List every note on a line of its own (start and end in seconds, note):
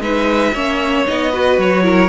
0.00 0.52 G#3
0.00 0.54 D#4
0.00 0.54 B4
0.00 1.06 E5
0.54 1.06 A#3
0.54 1.06 C#4
0.54 1.31 C#5
1.06 1.58 B3
1.06 1.32 D#4
1.06 1.59 D#5
1.31 1.83 F#4
1.31 1.84 B4
1.58 2.09 F#3
1.58 2.09 C#5
1.83 2.09 E4
1.83 2.09 A#4